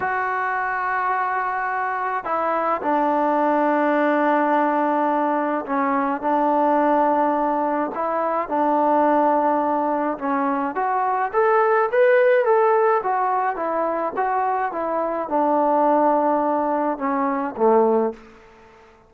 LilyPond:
\new Staff \with { instrumentName = "trombone" } { \time 4/4 \tempo 4 = 106 fis'1 | e'4 d'2.~ | d'2 cis'4 d'4~ | d'2 e'4 d'4~ |
d'2 cis'4 fis'4 | a'4 b'4 a'4 fis'4 | e'4 fis'4 e'4 d'4~ | d'2 cis'4 a4 | }